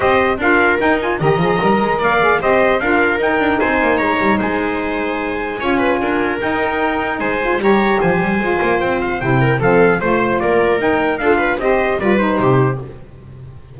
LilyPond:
<<
  \new Staff \with { instrumentName = "trumpet" } { \time 4/4 \tempo 4 = 150 dis''4 f''4 g''8 gis''8 ais''4~ | ais''4 f''4 dis''4 f''4 | g''4 gis''4 ais''4 gis''4~ | gis''1 |
g''2 gis''4 ais''4 | gis''2 g''8 f''8 g''4 | f''4 c''4 d''4 g''4 | f''4 dis''4 d''8 c''4. | }
  \new Staff \with { instrumentName = "viola" } { \time 4/4 c''4 ais'2 dis''4~ | dis''4 d''4 c''4 ais'4~ | ais'4 c''4 cis''4 c''4~ | c''2 cis''8 b'8 ais'4~ |
ais'2 c''4 cis''4 | c''2.~ c''8 ais'8 | a'4 c''4 ais'2 | a'8 b'8 c''4 b'4 g'4 | }
  \new Staff \with { instrumentName = "saxophone" } { \time 4/4 g'4 f'4 dis'8 f'8 g'8 gis'8 | ais'4. gis'8 g'4 f'4 | dis'1~ | dis'2 f'2 |
dis'2~ dis'8 f'8 g'4~ | g'4 f'2 e'4 | c'4 f'2 dis'4 | f'4 g'4 f'8 dis'4. | }
  \new Staff \with { instrumentName = "double bass" } { \time 4/4 c'4 d'4 dis'4 dis8 f8 | g8 gis8 ais4 c'4 d'4 | dis'8 d'8 c'8 ais8 gis8 g8 gis4~ | gis2 cis'4 d'4 |
dis'2 gis4 g4 | f8 g8 gis8 ais8 c'4 c4 | f4 a4 ais4 dis'4 | d'4 c'4 g4 c4 | }
>>